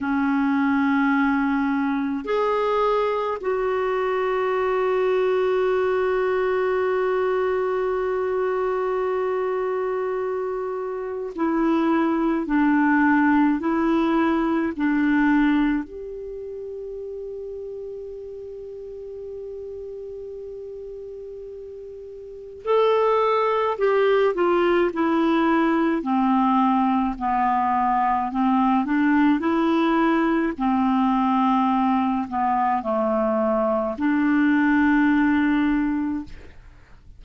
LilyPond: \new Staff \with { instrumentName = "clarinet" } { \time 4/4 \tempo 4 = 53 cis'2 gis'4 fis'4~ | fis'1~ | fis'2 e'4 d'4 | e'4 d'4 g'2~ |
g'1 | a'4 g'8 f'8 e'4 c'4 | b4 c'8 d'8 e'4 c'4~ | c'8 b8 a4 d'2 | }